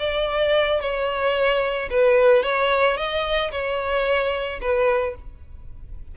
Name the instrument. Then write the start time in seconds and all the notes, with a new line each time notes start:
violin
0.00 D5
0.81 C#5
1.91 B4
2.43 C#5
2.97 D#5
3.52 C#5
4.61 B4